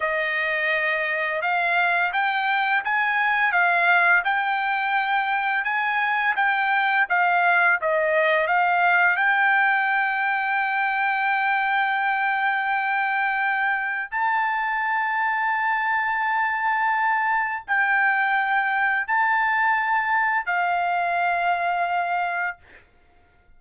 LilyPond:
\new Staff \with { instrumentName = "trumpet" } { \time 4/4 \tempo 4 = 85 dis''2 f''4 g''4 | gis''4 f''4 g''2 | gis''4 g''4 f''4 dis''4 | f''4 g''2.~ |
g''1 | a''1~ | a''4 g''2 a''4~ | a''4 f''2. | }